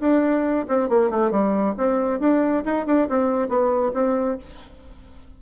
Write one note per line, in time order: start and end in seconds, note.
0.00 0.66 D4
0.68 0.89 C4
0.89 1.10 A#3
1.10 1.31 A3
1.31 1.75 G3
1.77 2.20 C4
2.20 2.63 D4
2.65 2.86 D#4
2.86 3.08 D4
3.09 3.48 C4
3.48 3.92 B3
3.94 4.37 C4